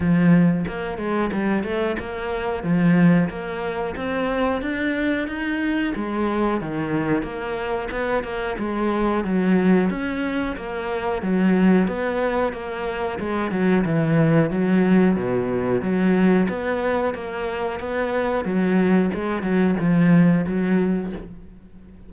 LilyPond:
\new Staff \with { instrumentName = "cello" } { \time 4/4 \tempo 4 = 91 f4 ais8 gis8 g8 a8 ais4 | f4 ais4 c'4 d'4 | dis'4 gis4 dis4 ais4 | b8 ais8 gis4 fis4 cis'4 |
ais4 fis4 b4 ais4 | gis8 fis8 e4 fis4 b,4 | fis4 b4 ais4 b4 | fis4 gis8 fis8 f4 fis4 | }